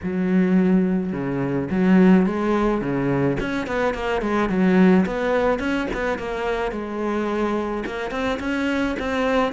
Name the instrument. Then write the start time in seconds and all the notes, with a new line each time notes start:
cello
0.03 F#3
1.12 C#3
1.70 F#3
2.26 G#3
2.81 C#3
3.40 C#4
3.66 B3
3.94 A#3
4.21 G#3
4.49 F#3
5.05 B3
5.59 C#4
5.93 B3
6.18 A#3
6.71 G#3
7.86 A#3
8.10 C4
8.39 C#4
8.99 C4